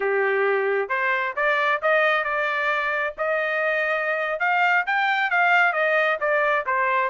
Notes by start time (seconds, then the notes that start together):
0.00 G4
0.89 C5
1.36 D5
1.82 D#5
2.23 D5
3.17 D#5
4.39 F5
4.86 G5
5.30 F5
5.73 D#5
6.20 D5
6.66 C5